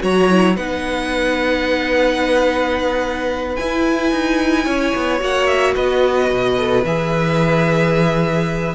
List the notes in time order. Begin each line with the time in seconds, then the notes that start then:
0.00 F#3 F#4 C#5 A#5
0.30 E4
0.56 B3 D#4 B4 F#5
3.56 E4 G#5
4.12 D#4
4.65 C#4 C#5
4.95 B3
5.20 A#3 F#4 F#5
5.47 E5
5.75 B3 B4 D#5
6.30 B2
6.59 A4
6.85 E3 G#4 E5